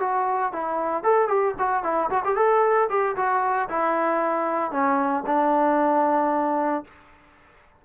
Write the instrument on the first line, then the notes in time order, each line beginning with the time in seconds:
trombone
0.00 F#4
0.53 E4
1.03 A4
1.28 G4
1.59 F#4
1.83 E4
2.10 F#4
2.25 G4
2.36 A4
2.89 G4
3.16 F#4
3.69 E4
4.72 C#4
5.26 D4